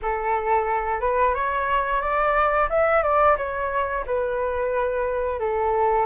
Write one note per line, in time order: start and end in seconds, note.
0.02 1.00 A4
1.00 1.34 B4
1.34 2.01 C#5
2.01 2.68 D5
2.69 3.02 E5
3.02 3.36 D5
3.37 4.04 C#5
4.06 5.39 B4
5.39 6.06 A4